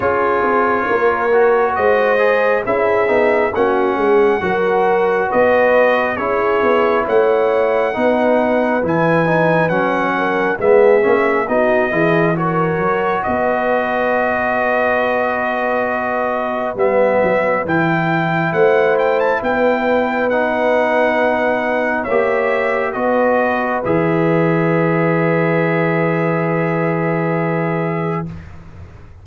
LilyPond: <<
  \new Staff \with { instrumentName = "trumpet" } { \time 4/4 \tempo 4 = 68 cis''2 dis''4 e''4 | fis''2 dis''4 cis''4 | fis''2 gis''4 fis''4 | e''4 dis''4 cis''4 dis''4~ |
dis''2. e''4 | g''4 fis''8 g''16 a''16 g''4 fis''4~ | fis''4 e''4 dis''4 e''4~ | e''1 | }
  \new Staff \with { instrumentName = "horn" } { \time 4/4 gis'4 ais'4 c''4 gis'4 | fis'8 gis'8 ais'4 b'4 gis'4 | cis''4 b'2~ b'8 ais'8 | gis'4 fis'8 gis'8 ais'4 b'4~ |
b'1~ | b'4 c''4 b'2~ | b'4 cis''4 b'2~ | b'1 | }
  \new Staff \with { instrumentName = "trombone" } { \time 4/4 f'4. fis'4 gis'8 e'8 dis'8 | cis'4 fis'2 e'4~ | e'4 dis'4 e'8 dis'8 cis'4 | b8 cis'8 dis'8 e'8 fis'2~ |
fis'2. b4 | e'2. dis'4~ | dis'4 g'4 fis'4 gis'4~ | gis'1 | }
  \new Staff \with { instrumentName = "tuba" } { \time 4/4 cis'8 c'8 ais4 gis4 cis'8 b8 | ais8 gis8 fis4 b4 cis'8 b8 | a4 b4 e4 fis4 | gis8 ais8 b8 e4 fis8 b4~ |
b2. g8 fis8 | e4 a4 b2~ | b4 ais4 b4 e4~ | e1 | }
>>